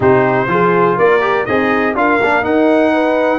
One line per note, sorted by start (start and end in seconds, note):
0.00 0.47 C3
0.00 0.47 D#4
0.00 0.48 G4
0.00 0.98 C5
0.47 0.96 F3
0.47 1.20 F4
0.47 0.97 G#4
0.97 1.48 A#3
0.97 1.45 A#4
0.97 1.45 D5
1.20 1.45 G4
1.45 1.94 C4
1.45 1.93 D#4
1.45 1.95 G#4
1.45 1.94 D#5
1.94 2.18 D4
1.94 2.19 F4
1.94 2.92 A#4
1.94 2.44 F5
2.20 2.45 A#3
2.20 2.42 D4
2.42 3.38 D#4
2.42 3.38 F#5
2.92 3.38 B4